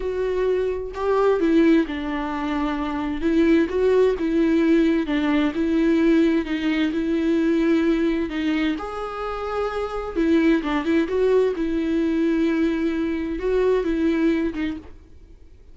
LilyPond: \new Staff \with { instrumentName = "viola" } { \time 4/4 \tempo 4 = 130 fis'2 g'4 e'4 | d'2. e'4 | fis'4 e'2 d'4 | e'2 dis'4 e'4~ |
e'2 dis'4 gis'4~ | gis'2 e'4 d'8 e'8 | fis'4 e'2.~ | e'4 fis'4 e'4. dis'8 | }